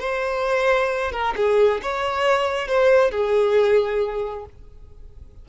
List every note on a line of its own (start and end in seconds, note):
0.00 1.12 C5
1.12 1.34 A#4
1.37 1.82 G#4
1.82 2.68 C#5
2.68 3.11 C5
3.11 4.46 G#4